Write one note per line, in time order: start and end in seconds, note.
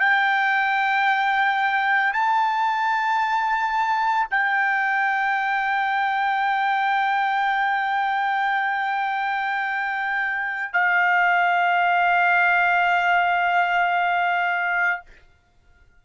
0.00 2.13 G5
2.13 4.28 A5
4.31 10.73 G5
10.73 15.01 F5